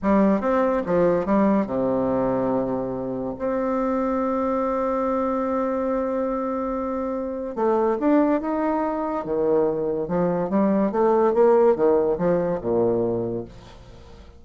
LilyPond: \new Staff \with { instrumentName = "bassoon" } { \time 4/4 \tempo 4 = 143 g4 c'4 f4 g4 | c1 | c'1~ | c'1~ |
c'2 a4 d'4 | dis'2 dis2 | f4 g4 a4 ais4 | dis4 f4 ais,2 | }